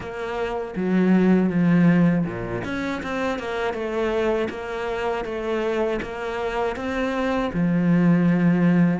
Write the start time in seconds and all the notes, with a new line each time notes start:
0.00 A#3
0.76 F#3
1.49 F3
2.25 A#2
2.64 C#4
3.02 C4
3.38 A#3
3.73 A3
4.49 A#3
5.25 A3
6.01 A#3
6.75 C4
7.53 F3